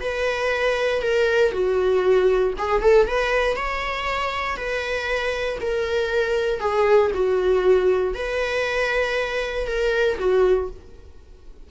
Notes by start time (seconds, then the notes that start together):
0.00 B4
1.02 A#4
1.52 F#4
2.58 G#4
2.81 A4
3.07 B4
3.56 C#5
4.56 B4
5.60 A#4
6.60 G#4
7.14 F#4
8.14 B4
9.67 A#4
10.19 F#4